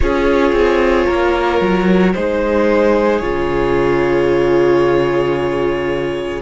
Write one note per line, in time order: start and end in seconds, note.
0.00 0.52 C#4
0.00 2.15 F4
0.00 1.06 G#4
0.00 2.13 C#5
0.52 1.05 C4
1.06 1.60 A#3
1.06 2.13 A#4
1.60 2.14 F#3
2.13 3.21 G#3
2.13 3.22 D#4
2.13 6.42 G#4
2.13 3.19 C5
3.19 6.42 C#3
3.19 6.42 F4
3.19 6.40 C#5